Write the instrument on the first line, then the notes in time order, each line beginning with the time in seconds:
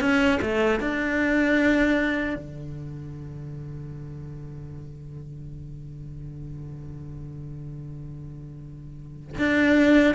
cello
0.00 C#4
0.41 A3
0.80 D4
2.35 D3
9.38 D4